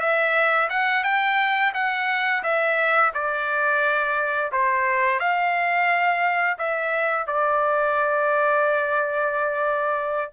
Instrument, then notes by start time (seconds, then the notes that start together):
trumpet
0.00 E5
0.70 F#5
1.04 G5
1.74 F#5
2.43 E5
3.14 D5
4.52 C5
5.19 F5
6.59 E5
7.27 D5